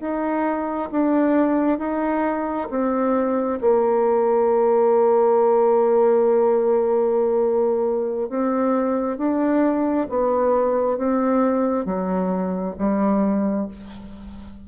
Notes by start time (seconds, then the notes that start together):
0.00 D#4
0.92 D4
1.78 D#4
2.70 C4
3.61 A#3
8.29 C4
9.18 D4
10.09 B3
10.98 C4
11.85 F#3
12.78 G3